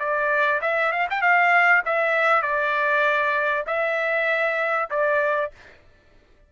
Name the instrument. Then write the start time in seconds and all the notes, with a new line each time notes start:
trumpet
0.00 D5
0.62 E5
0.93 F5
1.10 G5
1.22 F5
1.86 E5
2.43 D5
3.67 E5
4.91 D5